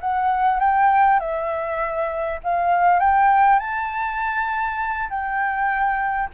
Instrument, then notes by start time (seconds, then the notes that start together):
flute
0.00 F#5
0.59 G5
1.19 E5
2.43 F5
2.99 G5
3.59 A5
5.09 G5